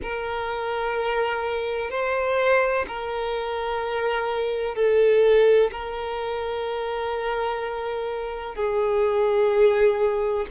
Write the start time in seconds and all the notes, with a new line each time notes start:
0.02 A#4
1.90 C5
2.87 A#4
4.75 A4
5.71 A#4
8.55 G#4